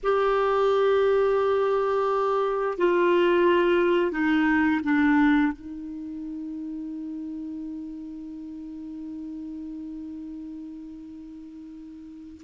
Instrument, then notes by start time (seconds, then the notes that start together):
clarinet
0.03 G4
2.77 F4
4.11 D#4
4.83 D4
5.52 D#4